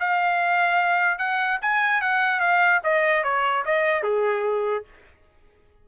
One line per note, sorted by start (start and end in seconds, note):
0.00 1.18 F5
1.18 1.59 F#5
1.62 2.01 G#5
2.01 2.40 F#5
2.40 2.81 F5
2.83 3.24 D#5
3.24 3.65 C#5
3.65 4.03 D#5
4.03 4.84 G#4